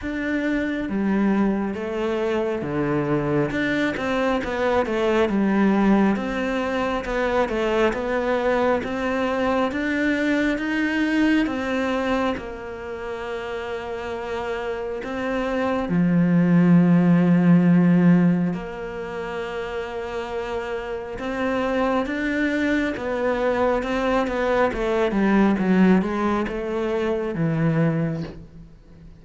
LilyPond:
\new Staff \with { instrumentName = "cello" } { \time 4/4 \tempo 4 = 68 d'4 g4 a4 d4 | d'8 c'8 b8 a8 g4 c'4 | b8 a8 b4 c'4 d'4 | dis'4 c'4 ais2~ |
ais4 c'4 f2~ | f4 ais2. | c'4 d'4 b4 c'8 b8 | a8 g8 fis8 gis8 a4 e4 | }